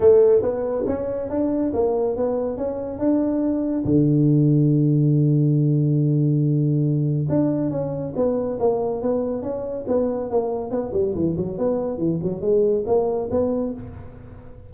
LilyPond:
\new Staff \with { instrumentName = "tuba" } { \time 4/4 \tempo 4 = 140 a4 b4 cis'4 d'4 | ais4 b4 cis'4 d'4~ | d'4 d2.~ | d1~ |
d4 d'4 cis'4 b4 | ais4 b4 cis'4 b4 | ais4 b8 g8 e8 fis8 b4 | e8 fis8 gis4 ais4 b4 | }